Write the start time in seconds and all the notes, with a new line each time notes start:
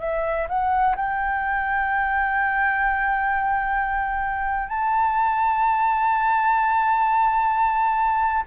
0.00 E5
0.49 F#5
0.96 G5
4.69 A5